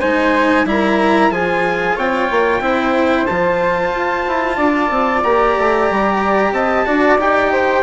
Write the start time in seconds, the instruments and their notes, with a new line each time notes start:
0.00 bassoon G#3, cello D#4, flute C5, trumpet G#5
0.65 bassoon G3, cello E4, trumpet A#5
0.71 flute A#4
1.31 bassoon F3, cello F4, flute G#4, trumpet G#5
1.96 bassoon C4, flute C#5, trumpet G5
2.31 bassoon A#3
2.60 bassoon C4, cello E4, flute C5
3.27 bassoon F3, cello F4, trumpet A5
3.91 bassoon F4
4.28 bassoon E4
4.57 bassoon D4, flute D5
4.90 bassoon C4
5.24 bassoon A#3, cello G4, trumpet A#5
5.58 bassoon A3
5.90 bassoon G3
6.52 bassoon C4, flute D#5, trumpet A5
6.86 bassoon D4, cello F#4, flute D5
7.18 bassoon D#4, cello G4, trumpet G5
7.52 flute C5